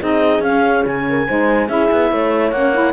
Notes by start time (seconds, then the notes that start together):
0.00 C4 D#4 G#4 D#5
0.39 C#4 F5
0.86 C#3 G#5
1.09 A#4
1.27 G#3 D#4 C5
1.68 C#4 E4 G#4 E5
1.91 B3
2.10 A3 C#5
2.51 A#3 C#4 F#5
2.73 E4